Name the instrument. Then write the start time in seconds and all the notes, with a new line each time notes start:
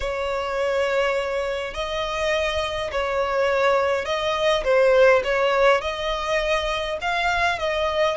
violin
0.00 C#5
1.74 D#5
2.91 C#5
4.05 D#5
4.64 C5
5.23 C#5
5.81 D#5
7.01 F5
7.59 D#5